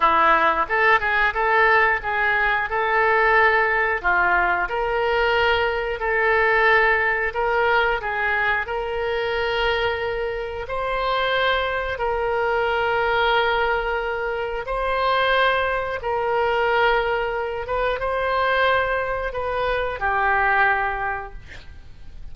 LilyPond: \new Staff \with { instrumentName = "oboe" } { \time 4/4 \tempo 4 = 90 e'4 a'8 gis'8 a'4 gis'4 | a'2 f'4 ais'4~ | ais'4 a'2 ais'4 | gis'4 ais'2. |
c''2 ais'2~ | ais'2 c''2 | ais'2~ ais'8 b'8 c''4~ | c''4 b'4 g'2 | }